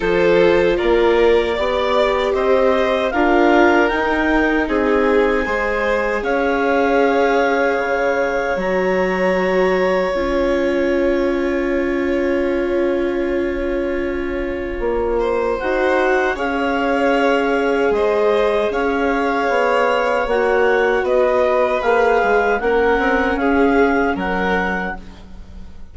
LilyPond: <<
  \new Staff \with { instrumentName = "clarinet" } { \time 4/4 \tempo 4 = 77 c''4 d''2 dis''4 | f''4 g''4 gis''2 | f''2. ais''4~ | ais''4 gis''2.~ |
gis''1 | fis''4 f''2 dis''4 | f''2 fis''4 dis''4 | f''4 fis''4 f''4 fis''4 | }
  \new Staff \with { instrumentName = "violin" } { \time 4/4 a'4 ais'4 d''4 c''4 | ais'2 gis'4 c''4 | cis''1~ | cis''1~ |
cis''2.~ cis''8 c''8~ | c''4 cis''2 c''4 | cis''2. b'4~ | b'4 ais'4 gis'4 ais'4 | }
  \new Staff \with { instrumentName = "viola" } { \time 4/4 f'2 g'2 | f'4 dis'2 gis'4~ | gis'2. fis'4~ | fis'4 f'2.~ |
f'1 | fis'4 gis'2.~ | gis'2 fis'2 | gis'4 cis'2. | }
  \new Staff \with { instrumentName = "bassoon" } { \time 4/4 f4 ais4 b4 c'4 | d'4 dis'4 c'4 gis4 | cis'2 cis4 fis4~ | fis4 cis'2.~ |
cis'2. ais4 | dis'4 cis'2 gis4 | cis'4 b4 ais4 b4 | ais8 gis8 ais8 c'8 cis'4 fis4 | }
>>